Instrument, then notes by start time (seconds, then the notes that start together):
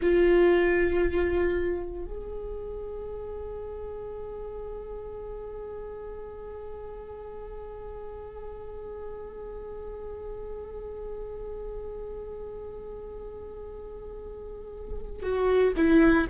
viola
0.02 F4
2.05 G#4
15.22 F#4
15.76 E4